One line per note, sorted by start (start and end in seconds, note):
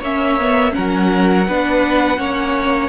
0.00 0.73 A#3
0.00 0.41 C#4
0.00 0.72 C#5
0.00 0.74 E5
0.41 0.71 B3
0.71 1.44 C#4
0.71 1.48 A#4
0.71 2.89 F#5
0.78 1.49 F#3
1.48 2.18 B3
1.48 2.18 D4
1.48 2.19 B4
2.18 2.89 A#3
2.18 2.89 C#4
2.18 2.89 C#5